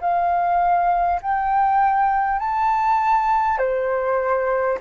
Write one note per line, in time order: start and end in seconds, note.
0.00 1.20 F5
1.22 2.39 G5
2.39 3.57 A5
3.57 4.77 C5